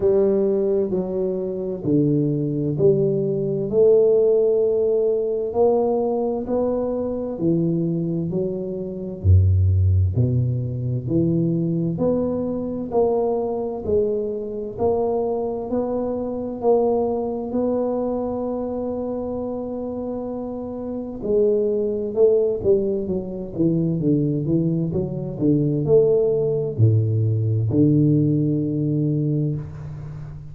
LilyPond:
\new Staff \with { instrumentName = "tuba" } { \time 4/4 \tempo 4 = 65 g4 fis4 d4 g4 | a2 ais4 b4 | e4 fis4 fis,4 b,4 | e4 b4 ais4 gis4 |
ais4 b4 ais4 b4~ | b2. gis4 | a8 g8 fis8 e8 d8 e8 fis8 d8 | a4 a,4 d2 | }